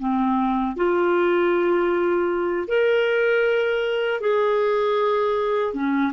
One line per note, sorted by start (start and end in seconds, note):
0.00 0.77 C4
0.77 2.68 F4
2.68 4.21 A#4
4.21 5.74 G#4
5.74 6.13 C#4